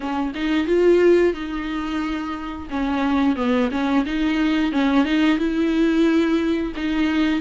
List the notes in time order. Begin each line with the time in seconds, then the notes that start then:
0.00 C#4
0.35 D#4
0.66 F4
1.33 D#4
2.70 C#4
3.36 B3
3.71 C#4
4.05 D#4
4.72 C#4
5.04 D#4
5.37 E4
6.75 D#4